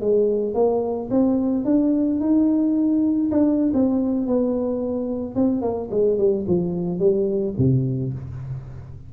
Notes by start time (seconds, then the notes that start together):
0.00 G#3
0.54 A#3
1.10 C4
1.64 D4
2.20 D#4
3.31 D4
3.73 C4
4.26 B3
5.35 C4
5.61 A#3
5.90 G#3
6.17 G3
6.47 F3
6.99 G3
7.58 C3